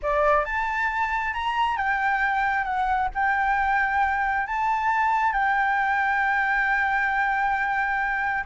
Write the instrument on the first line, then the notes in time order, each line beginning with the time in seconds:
flute
0.02 D5
0.44 A5
1.33 A#5
1.76 G5
2.63 F#5
3.14 G5
4.46 A5
5.33 G5